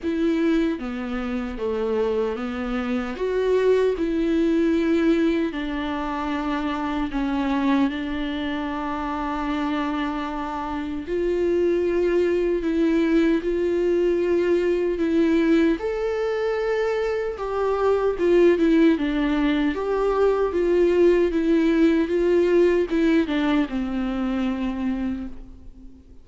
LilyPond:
\new Staff \with { instrumentName = "viola" } { \time 4/4 \tempo 4 = 76 e'4 b4 a4 b4 | fis'4 e'2 d'4~ | d'4 cis'4 d'2~ | d'2 f'2 |
e'4 f'2 e'4 | a'2 g'4 f'8 e'8 | d'4 g'4 f'4 e'4 | f'4 e'8 d'8 c'2 | }